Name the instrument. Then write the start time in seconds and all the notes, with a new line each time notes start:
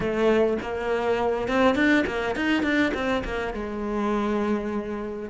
cello
0.00 A3
0.61 A#3
1.48 C4
1.75 D4
2.06 A#3
2.35 D#4
2.63 D4
2.94 C4
3.24 A#3
3.53 G#3